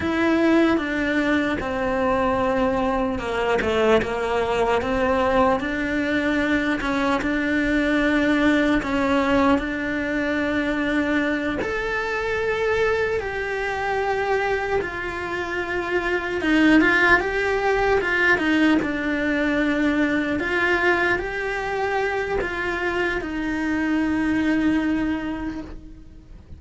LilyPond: \new Staff \with { instrumentName = "cello" } { \time 4/4 \tempo 4 = 75 e'4 d'4 c'2 | ais8 a8 ais4 c'4 d'4~ | d'8 cis'8 d'2 cis'4 | d'2~ d'8 a'4.~ |
a'8 g'2 f'4.~ | f'8 dis'8 f'8 g'4 f'8 dis'8 d'8~ | d'4. f'4 g'4. | f'4 dis'2. | }